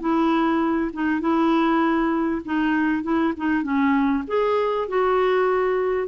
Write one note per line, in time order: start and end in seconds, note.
0.00 0.91 E4
0.93 1.20 D#4
1.20 2.42 E4
2.45 3.03 D#4
3.03 3.33 E4
3.37 3.63 D#4
3.63 4.24 C#4
4.27 4.88 G#4
4.88 6.08 F#4